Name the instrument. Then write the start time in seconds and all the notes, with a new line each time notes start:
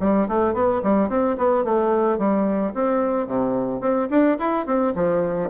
bassoon
0.00 G3
0.29 A3
0.54 B3
0.83 G3
1.09 C4
1.37 B3
1.64 A3
2.18 G3
2.74 C4
3.27 C3
3.81 C4
4.10 D4
4.39 E4
4.66 C4
4.95 F3